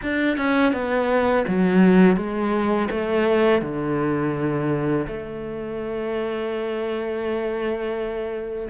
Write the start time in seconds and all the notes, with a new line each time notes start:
0.02 D4
0.37 C#4
0.72 B3
1.47 F#3
2.16 G#3
2.90 A3
3.61 D3
5.07 A3